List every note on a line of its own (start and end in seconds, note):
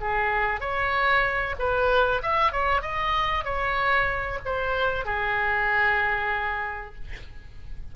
0.00 0.60 G#4
0.60 1.54 C#5
1.58 2.22 B4
2.22 2.51 E5
2.51 2.81 C#5
2.81 3.44 D#5
3.44 4.39 C#5
4.45 5.05 C5
5.05 6.94 G#4